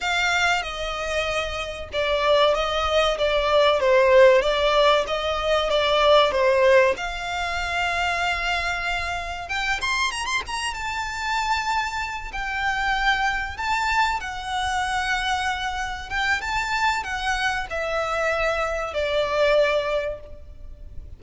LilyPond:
\new Staff \with { instrumentName = "violin" } { \time 4/4 \tempo 4 = 95 f''4 dis''2 d''4 | dis''4 d''4 c''4 d''4 | dis''4 d''4 c''4 f''4~ | f''2. g''8 c'''8 |
ais''16 c'''16 ais''8 a''2~ a''8 g''8~ | g''4. a''4 fis''4.~ | fis''4. g''8 a''4 fis''4 | e''2 d''2 | }